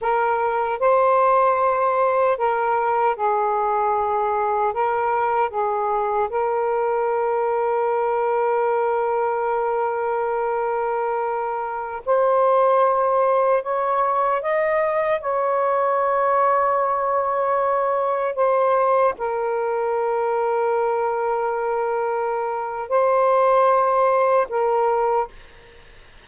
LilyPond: \new Staff \with { instrumentName = "saxophone" } { \time 4/4 \tempo 4 = 76 ais'4 c''2 ais'4 | gis'2 ais'4 gis'4 | ais'1~ | ais'2.~ ais'16 c''8.~ |
c''4~ c''16 cis''4 dis''4 cis''8.~ | cis''2.~ cis''16 c''8.~ | c''16 ais'2.~ ais'8.~ | ais'4 c''2 ais'4 | }